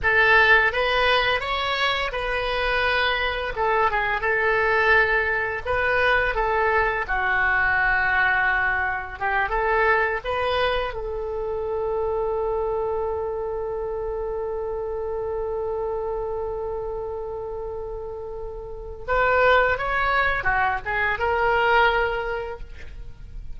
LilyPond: \new Staff \with { instrumentName = "oboe" } { \time 4/4 \tempo 4 = 85 a'4 b'4 cis''4 b'4~ | b'4 a'8 gis'8 a'2 | b'4 a'4 fis'2~ | fis'4 g'8 a'4 b'4 a'8~ |
a'1~ | a'1~ | a'2. b'4 | cis''4 fis'8 gis'8 ais'2 | }